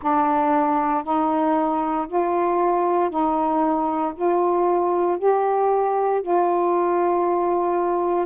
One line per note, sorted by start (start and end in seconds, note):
0.02 1.03 D4
1.03 2.07 D#4
2.07 3.10 F4
3.10 4.13 D#4
4.15 5.18 F4
5.18 6.22 G4
6.22 8.26 F4